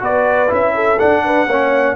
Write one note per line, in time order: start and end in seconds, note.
0.00 0.50 B3
0.00 0.48 F#4
0.00 0.74 B4
0.00 0.52 D5
0.48 1.00 C#4
0.48 0.97 E4
0.48 0.99 E5
0.75 1.23 A4
0.99 1.47 D4
0.99 1.96 F#5
1.25 1.48 B4
1.47 1.95 A#3
1.47 1.96 C#4
1.47 1.96 C#5